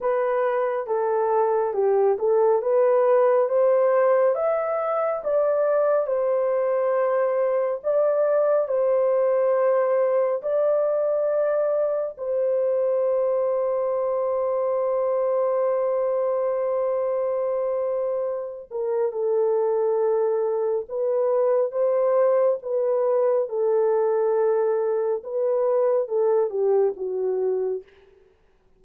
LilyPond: \new Staff \with { instrumentName = "horn" } { \time 4/4 \tempo 4 = 69 b'4 a'4 g'8 a'8 b'4 | c''4 e''4 d''4 c''4~ | c''4 d''4 c''2 | d''2 c''2~ |
c''1~ | c''4. ais'8 a'2 | b'4 c''4 b'4 a'4~ | a'4 b'4 a'8 g'8 fis'4 | }